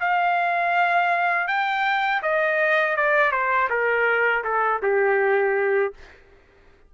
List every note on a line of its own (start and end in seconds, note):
0.00 1.47 F5
1.47 2.22 G5
2.22 2.96 D#5
2.96 3.31 D5
3.31 3.68 C5
3.69 4.43 A#4
4.44 4.81 A4
4.82 5.94 G4